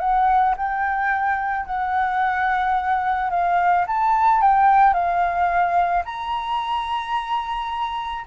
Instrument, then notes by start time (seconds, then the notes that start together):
flute
0.00 F#5
0.57 G5
1.66 F#5
3.30 F5
3.87 A5
4.41 G5
4.93 F5
6.05 A#5